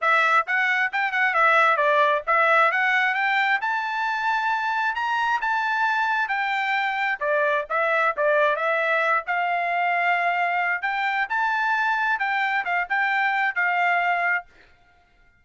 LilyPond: \new Staff \with { instrumentName = "trumpet" } { \time 4/4 \tempo 4 = 133 e''4 fis''4 g''8 fis''8 e''4 | d''4 e''4 fis''4 g''4 | a''2. ais''4 | a''2 g''2 |
d''4 e''4 d''4 e''4~ | e''8 f''2.~ f''8 | g''4 a''2 g''4 | f''8 g''4. f''2 | }